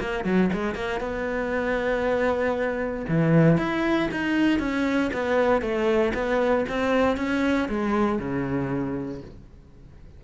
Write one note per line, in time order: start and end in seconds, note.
0.00 0.24 A#3
0.24 0.50 F#3
0.53 0.75 G#3
0.75 1.00 A#3
1.00 3.05 B3
3.08 3.58 E3
3.58 4.09 E4
4.11 4.59 D#4
4.59 5.10 C#4
5.13 5.61 B3
5.61 6.13 A3
6.14 6.65 B3
6.69 7.17 C4
7.17 7.68 C#4
7.69 8.19 G#3
8.19 9.21 C#3